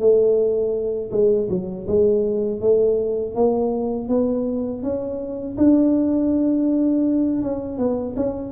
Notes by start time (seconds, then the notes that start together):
0.00 A3
1.11 G#3
1.49 F#3
1.87 G#3
2.61 A3
3.35 A#3
4.09 B3
4.83 C#4
5.58 D4
7.42 C#4
7.78 B3
8.16 C#4